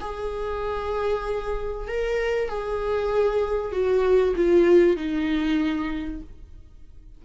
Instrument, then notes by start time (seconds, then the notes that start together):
viola
0.00 G#4
1.88 A#4
2.49 G#4
3.72 F#4
4.36 F4
4.96 D#4